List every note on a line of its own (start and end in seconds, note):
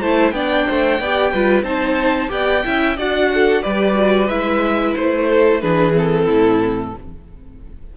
0.00 0.31 A3
0.00 0.33 E4
0.00 0.33 C5
0.00 0.31 A5
0.31 0.64 B3
0.31 0.99 D4
0.31 0.67 D5
0.31 1.63 G5
0.67 0.99 A3
0.67 1.00 C5
0.99 1.32 B3
0.99 1.34 G4
0.99 1.31 D5
1.31 1.62 G3
1.31 1.64 F4
1.31 1.64 B4
1.62 2.28 C4
1.62 2.28 D#4
1.62 2.30 C5
1.62 2.29 A5
2.28 2.63 B3
2.28 2.61 G4
2.28 2.65 D5
2.28 2.97 G5
2.64 2.97 C#4
2.64 2.97 E4
2.64 2.96 E5
2.96 3.63 D4
2.96 3.63 F#4
2.96 3.29 D5
2.96 3.62 F#5
3.34 3.62 A4
3.62 4.29 G3
3.62 3.94 G4
3.62 5.27 B4
3.62 4.27 D5
3.94 4.27 F#4
4.27 4.95 G#3
4.27 5.61 E4
4.27 4.93 E5
4.95 5.62 A3
4.95 5.61 C5
5.28 5.61 A4
5.61 6.28 E3
5.61 5.93 D4
5.61 6.25 G#4
5.61 5.94 B4
5.93 6.92 C4
5.93 6.97 A4
6.25 6.94 A2
6.25 6.91 E4